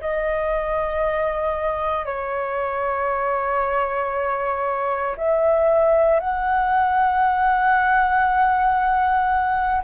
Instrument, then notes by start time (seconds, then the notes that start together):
flute
0.00 D#5
2.05 C#5
5.17 E5
6.19 F#5